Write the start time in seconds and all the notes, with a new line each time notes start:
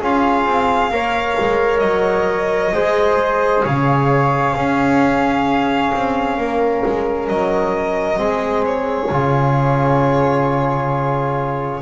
0.00 C#4 F4 G#4 F5
0.46 C4
0.91 A#3 A#4 C#5
1.40 G#3
1.79 F#3 D#5
2.73 G#3 G#4 C5
3.64 C#3 C#5 F5
4.54 C#4 G#4
5.94 C4
6.37 A#3 A#4
6.86 G#3
7.28 F#3 D#5
8.16 G#3 C4 G#4
8.66 C#5
9.11 C#3 F4